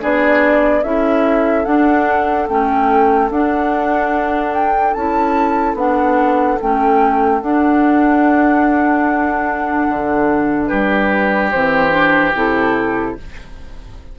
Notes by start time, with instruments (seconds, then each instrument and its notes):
0.00 bassoon B3, clarinet D4, oboe G#4, flute D5
0.83 bassoon C#4, clarinet E4, oboe A4, flute E5
1.65 clarinet D4, bassoon D4, flute F#5
2.48 bassoon A3, clarinet C#4, flute G5
3.29 bassoon D4, clarinet D4, flute F#5
4.53 flute G5
4.93 bassoon C#4, clarinet E4, flute A5
5.74 bassoon B3, clarinet D4, flute F#5
6.60 bassoon A3, clarinet C#4, flute G5
7.40 clarinet D4, bassoon D4, flute F#5
9.88 bassoon D3
10.66 bassoon G3, oboe G4, flute B4
11.51 bassoon E3, clarinet C4, flute C5
11.90 clarinet D4
12.34 bassoon C3, clarinet E4, flute A4